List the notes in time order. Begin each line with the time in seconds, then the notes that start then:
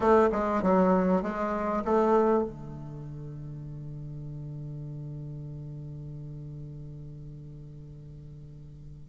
0.00 A3
0.32 G#3
0.62 F#3
1.22 G#3
1.84 A3
2.44 D3